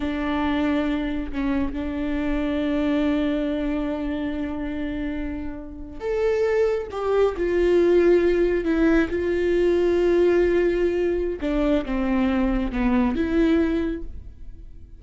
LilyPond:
\new Staff \with { instrumentName = "viola" } { \time 4/4 \tempo 4 = 137 d'2. cis'4 | d'1~ | d'1~ | d'4.~ d'16 a'2 g'16~ |
g'8. f'2. e'16~ | e'8. f'2.~ f'16~ | f'2 d'4 c'4~ | c'4 b4 e'2 | }